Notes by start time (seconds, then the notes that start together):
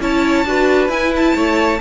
0.00 C#4 E4 C#5 A5
0.45 D4 F#4 B4
0.88 E4 G#5
1.16 A5
1.35 A3 C#5